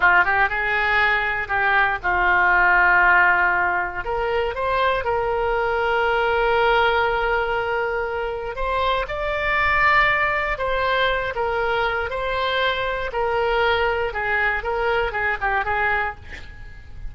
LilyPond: \new Staff \with { instrumentName = "oboe" } { \time 4/4 \tempo 4 = 119 f'8 g'8 gis'2 g'4 | f'1 | ais'4 c''4 ais'2~ | ais'1~ |
ais'4 c''4 d''2~ | d''4 c''4. ais'4. | c''2 ais'2 | gis'4 ais'4 gis'8 g'8 gis'4 | }